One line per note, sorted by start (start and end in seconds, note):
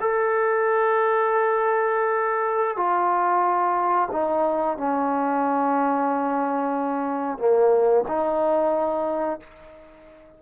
0.00 2.76 A4
2.76 4.08 F4
4.11 4.77 D#4
4.77 7.38 C#4
7.38 8.04 A#3
8.07 9.39 D#4